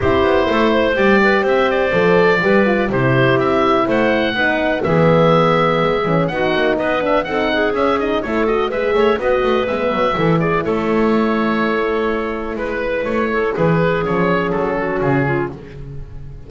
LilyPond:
<<
  \new Staff \with { instrumentName = "oboe" } { \time 4/4 \tempo 4 = 124 c''2 d''4 e''8 d''8~ | d''2 c''4 e''4 | fis''2 e''2~ | e''4 fis''4 dis''8 e''8 fis''4 |
e''8 dis''8 cis''8 dis''8 e''4 dis''4 | e''4. d''8 cis''2~ | cis''2 b'4 cis''4 | b'4 cis''4 a'4 gis'4 | }
  \new Staff \with { instrumentName = "clarinet" } { \time 4/4 g'4 a'8 c''4 b'8 c''4~ | c''4 b'4 g'2 | c''4 b'4 gis'2~ | gis'4 fis'4 b'4 a'8 gis'8~ |
gis'4 a'4 b'8 cis''8 b'4~ | b'4 a'8 gis'8 a'2~ | a'2 b'4. a'8 | gis'2~ gis'8 fis'4 f'8 | }
  \new Staff \with { instrumentName = "horn" } { \time 4/4 e'2 g'2 | a'4 g'8 f'8 e'2~ | e'4 dis'4 b2~ | b8 cis'8 dis'4. d'8 dis'4 |
cis'8 dis'8 e'8 fis'8 gis'4 fis'4 | b4 e'2.~ | e'1~ | e'4 cis'2. | }
  \new Staff \with { instrumentName = "double bass" } { \time 4/4 c'8 b8 a4 g4 c'4 | f4 g4 c4 c'4 | a4 b4 e2 | gis8 e8 b8 ais8 b4 c'4 |
cis'4 a4 gis8 a8 b8 a8 | gis8 fis8 e4 a2~ | a2 gis4 a4 | e4 f4 fis4 cis4 | }
>>